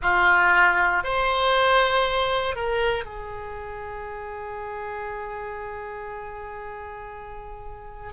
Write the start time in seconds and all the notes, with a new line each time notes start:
0.02 F4
1.03 C5
2.55 A#4
3.04 G#4